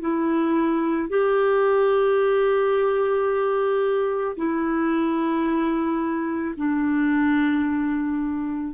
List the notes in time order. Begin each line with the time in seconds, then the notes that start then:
0.00 E4
1.09 G4
4.36 E4
6.57 D4